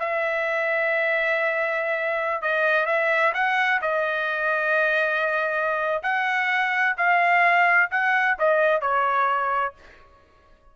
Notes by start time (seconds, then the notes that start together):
0.00 E5
2.42 D#5
2.87 E5
3.34 F#5
3.82 D#5
6.03 F#5
6.98 F5
7.92 F#5
8.39 D#5
8.82 C#5